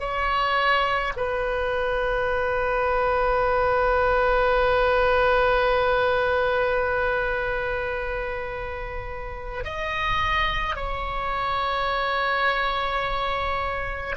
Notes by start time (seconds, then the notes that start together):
0.00 C#5
1.17 B4
9.64 D#5
10.76 C#5